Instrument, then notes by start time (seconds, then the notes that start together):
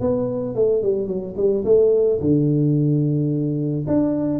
tuba
0.00 B3
0.55 A3
0.82 G3
1.07 F#3
1.36 G3
1.65 A3
2.20 D3
3.87 D4